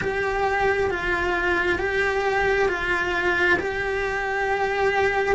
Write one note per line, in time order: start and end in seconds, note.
0.01 0.90 G4
0.90 1.78 F4
1.78 2.68 G4
2.68 3.58 F4
3.58 5.35 G4